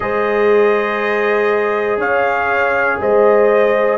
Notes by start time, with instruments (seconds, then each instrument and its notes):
0.00 tuba G#3, trombone G#4, horn C5, trumpet D#5
1.97 tuba C#4, horn C#5, trumpet F5
3.01 tuba G#3, horn C5, trumpet D#5